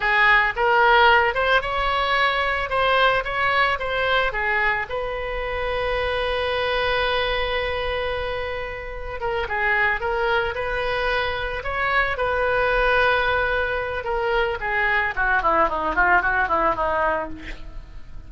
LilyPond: \new Staff \with { instrumentName = "oboe" } { \time 4/4 \tempo 4 = 111 gis'4 ais'4. c''8 cis''4~ | cis''4 c''4 cis''4 c''4 | gis'4 b'2.~ | b'1~ |
b'4 ais'8 gis'4 ais'4 b'8~ | b'4. cis''4 b'4.~ | b'2 ais'4 gis'4 | fis'8 e'8 dis'8 f'8 fis'8 e'8 dis'4 | }